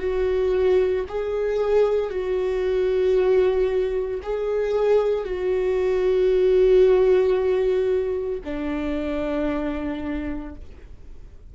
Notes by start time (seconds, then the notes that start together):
0.00 F#4
1.09 G#4
2.11 F#4
4.23 G#4
5.25 F#4
8.45 D4